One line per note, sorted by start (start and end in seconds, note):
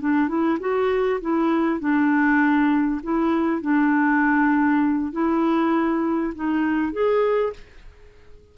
0.00 0.28 D4
0.28 0.58 E4
0.60 1.20 F#4
1.21 1.79 E4
1.79 3.01 D4
3.03 3.61 E4
3.61 5.12 D4
5.12 6.33 E4
6.35 6.92 D#4
6.92 7.53 G#4